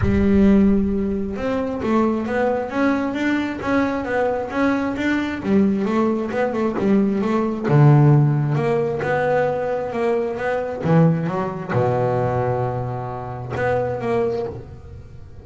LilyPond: \new Staff \with { instrumentName = "double bass" } { \time 4/4 \tempo 4 = 133 g2. c'4 | a4 b4 cis'4 d'4 | cis'4 b4 cis'4 d'4 | g4 a4 b8 a8 g4 |
a4 d2 ais4 | b2 ais4 b4 | e4 fis4 b,2~ | b,2 b4 ais4 | }